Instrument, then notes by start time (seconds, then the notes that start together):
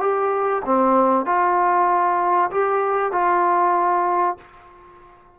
trombone
0.00 G4
0.65 C4
1.26 F4
2.51 G4
3.12 F4